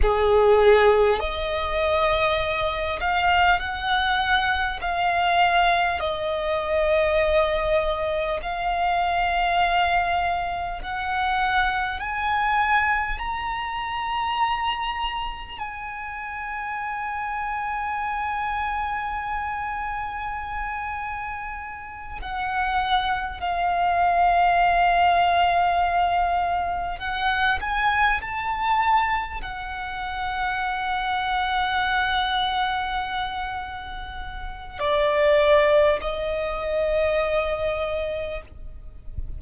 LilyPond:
\new Staff \with { instrumentName = "violin" } { \time 4/4 \tempo 4 = 50 gis'4 dis''4. f''8 fis''4 | f''4 dis''2 f''4~ | f''4 fis''4 gis''4 ais''4~ | ais''4 gis''2.~ |
gis''2~ gis''8 fis''4 f''8~ | f''2~ f''8 fis''8 gis''8 a''8~ | a''8 fis''2.~ fis''8~ | fis''4 d''4 dis''2 | }